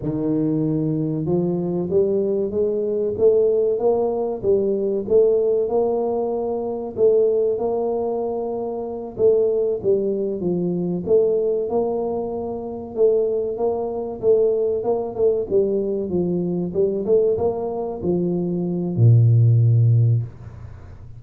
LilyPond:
\new Staff \with { instrumentName = "tuba" } { \time 4/4 \tempo 4 = 95 dis2 f4 g4 | gis4 a4 ais4 g4 | a4 ais2 a4 | ais2~ ais8 a4 g8~ |
g8 f4 a4 ais4.~ | ais8 a4 ais4 a4 ais8 | a8 g4 f4 g8 a8 ais8~ | ais8 f4. ais,2 | }